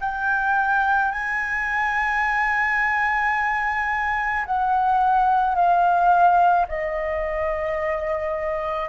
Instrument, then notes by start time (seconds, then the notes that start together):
flute
0.00 G5
1.11 G#5
4.45 F#5
5.55 F5
6.68 D#5